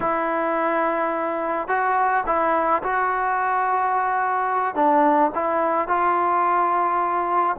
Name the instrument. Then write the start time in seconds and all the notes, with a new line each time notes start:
trombone
0.00 E4
1.67 F#4
2.26 E4
2.83 F#4
4.75 D4
5.34 E4
5.88 F4